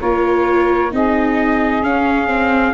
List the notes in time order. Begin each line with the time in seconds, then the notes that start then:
0.00 A#3 F4 A#4 C#5
0.91 C4 D#4 G#4 D#5
1.82 C#4 F5
2.27 C4